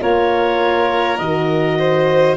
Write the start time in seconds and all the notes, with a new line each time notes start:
0.00 A#3 F4 A#4 C#5
1.18 D#3 F#4 D#5
1.79 C5